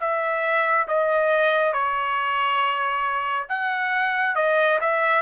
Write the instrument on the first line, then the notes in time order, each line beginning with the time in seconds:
trumpet
0.00 E5
0.88 D#5
1.73 C#5
3.49 F#5
4.35 D#5
4.80 E5